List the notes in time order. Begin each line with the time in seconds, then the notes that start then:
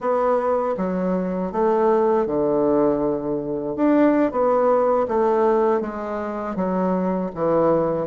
0.00 B3
0.77 F#3
1.52 A3
2.26 D3
3.75 D4
4.31 B3
5.08 A3
5.80 G#3
6.55 F#3
7.35 E3